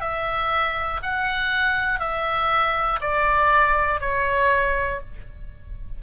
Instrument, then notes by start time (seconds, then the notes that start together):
oboe
0.00 E5
1.02 F#5
2.00 E5
3.00 D5
4.00 C#5